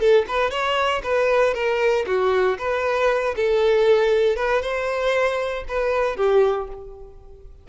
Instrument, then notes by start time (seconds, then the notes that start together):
violin
0.00 A4
0.28 B4
0.51 C#5
1.04 B4
1.55 A#4
2.07 F#4
2.59 B4
3.37 A4
4.37 B4
4.62 C5
5.69 B4
6.17 G4